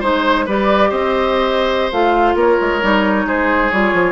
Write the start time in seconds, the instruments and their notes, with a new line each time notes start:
0.00 bassoon G#3, clarinet D#4, oboe C5, flute C5
0.46 bassoon G3, clarinet G4, oboe B4, flute D5
0.89 bassoon C4, oboe C5, flute D#5
1.92 bassoon A3, clarinet F4, flute F5
2.35 bassoon A#3, oboe A#4, flute C#5
2.60 bassoon G#3
2.81 bassoon G3, clarinet D#4
3.25 bassoon G#3, oboe G#4, flute C5
3.70 bassoon G3, clarinet F4, flute C#5
3.93 bassoon F3